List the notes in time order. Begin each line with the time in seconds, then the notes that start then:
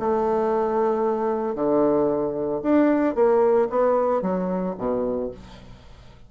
0.00 A3
1.55 D3
2.63 D4
3.15 A#3
3.70 B3
4.23 F#3
4.78 B2